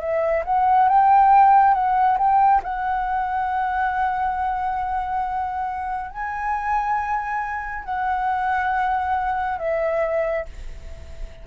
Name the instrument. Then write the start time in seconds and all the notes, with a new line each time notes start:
flute
0.00 E5
0.45 F#5
0.89 G5
1.74 F#5
2.18 G5
2.63 F#5
6.11 G#5
7.85 F#5
9.58 E5